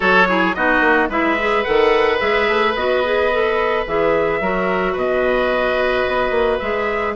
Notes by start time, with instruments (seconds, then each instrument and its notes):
0.00 bassoon F#3, clarinet F#4, oboe A4, trumpet C#5
0.27 clarinet E4, oboe G#4
0.54 bassoon B3, clarinet D#4, oboe F#4, trumpet D#5
0.80 bassoon A#3
1.09 bassoon G#3, clarinet E4, oboe B4, trumpet E5
1.38 clarinet G#4
1.64 bassoon D#3, clarinet A4, trumpet F#5
2.19 bassoon G#3, clarinet G#4, trumpet E5
2.48 bassoon A3
2.75 bassoon B3, clarinet F#4, trumpet D#5
3.03 clarinet G#4
3.32 clarinet A4
3.86 bassoon E3, clarinet G#4, trumpet E5
4.40 bassoon F#3, clarinet F#4, oboe A#4
4.92 bassoon B2, oboe B4, trumpet D#5
6.07 bassoon B3
6.30 bassoon A#3
6.59 bassoon G#3, clarinet G#4, trumpet E5